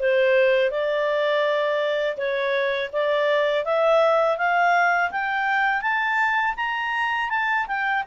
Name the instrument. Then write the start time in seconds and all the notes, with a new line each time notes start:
clarinet
0.00 C5
0.71 D5
2.18 C#5
2.93 D5
3.65 E5
4.38 F5
5.11 G5
5.82 A5
6.57 A#5
7.30 A5
7.67 G5